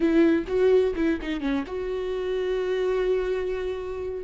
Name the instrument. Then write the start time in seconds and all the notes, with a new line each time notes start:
viola
0.00 E4
0.47 F#4
0.95 E4
1.21 D#4
1.40 C#4
1.66 F#4